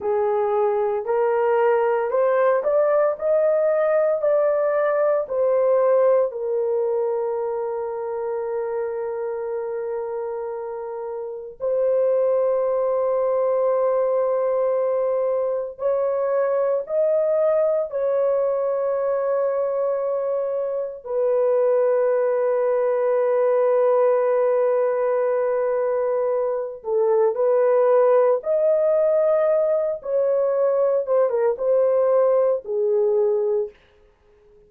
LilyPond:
\new Staff \with { instrumentName = "horn" } { \time 4/4 \tempo 4 = 57 gis'4 ais'4 c''8 d''8 dis''4 | d''4 c''4 ais'2~ | ais'2. c''4~ | c''2. cis''4 |
dis''4 cis''2. | b'1~ | b'4. a'8 b'4 dis''4~ | dis''8 cis''4 c''16 ais'16 c''4 gis'4 | }